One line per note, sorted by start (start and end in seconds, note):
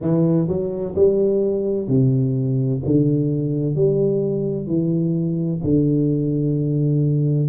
0.01 0.47 E3
0.47 0.94 F#3
0.95 1.87 G3
1.87 2.81 C3
2.85 3.75 D3
3.75 4.66 G3
4.66 5.60 E3
5.63 7.49 D3